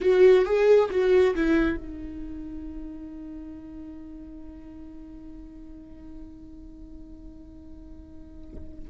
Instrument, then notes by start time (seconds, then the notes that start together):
viola
0.00 F#4
0.45 G#4
0.90 F#4
1.35 E4
1.76 D#4